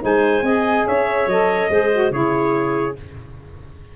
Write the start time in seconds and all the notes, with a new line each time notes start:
0.00 G#3 D#4 C5 G#5
0.42 C4 G#4 D#5
0.86 C#4 C#5 E5
1.27 F#3 A4 D#5
1.69 G#3 G#4 C5
1.93 F#4
2.11 C#3 E4 G#4 C#5